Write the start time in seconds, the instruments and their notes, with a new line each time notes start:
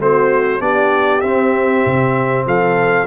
0.00 tuba A3, trombone C4, horn F#4, trumpet C5
0.60 tuba B3, trombone D4, horn G4, trumpet D5
1.21 trombone C4, tuba C4, trumpet E5
1.86 tuba C3
2.46 tuba F3, horn A4, trumpet F5